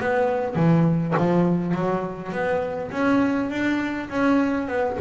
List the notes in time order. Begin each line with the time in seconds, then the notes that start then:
0.00 B3
0.55 E3
1.17 F3
1.74 F#3
2.32 B3
2.91 C#4
3.50 D4
4.09 C#4
4.68 B3